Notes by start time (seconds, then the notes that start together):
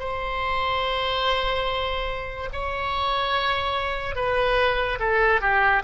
0.00 C5
2.53 C#5
4.16 B4
5.00 A4
5.41 G4